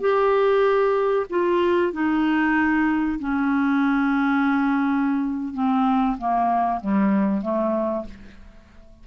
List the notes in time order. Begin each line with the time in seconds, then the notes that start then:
0.00 G4
1.30 F4
1.93 D#4
3.19 C#4
5.54 C4
6.18 A#3
6.81 G3
7.42 A3